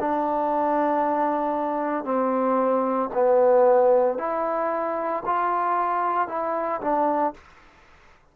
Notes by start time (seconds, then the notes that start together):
0.00 D4
2.04 C4
3.14 B3
4.18 E4
5.26 F4
6.28 E4
6.81 D4